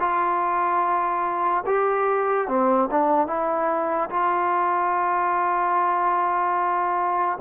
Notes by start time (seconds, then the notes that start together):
0.00 F4
1.67 G4
2.48 C4
2.91 D4
3.28 E4
4.10 F4